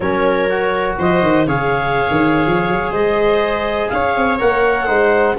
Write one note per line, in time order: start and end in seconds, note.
0.00 0.97 F#3
0.00 0.49 C#4
0.00 0.98 A#4
0.00 0.96 C#5
0.49 1.47 F#4
0.98 1.22 F3
0.98 1.47 C5
0.98 1.47 D#5
1.22 1.46 D#3
1.46 2.07 C#3
1.46 4.38 G#4
1.46 2.91 C#5
1.46 2.92 F5
2.10 2.46 D#3
2.46 2.69 F3
2.69 2.91 F#3
2.91 3.89 G#3
2.91 3.89 C5
2.91 3.89 D#5
3.89 4.16 C#4
3.89 4.85 C#5
3.89 4.37 F5
4.16 4.40 C4
4.38 4.88 A#3
4.38 4.86 A#4
4.38 5.37 F#5
4.85 5.37 G#3
4.85 5.35 D#4
4.85 5.34 C5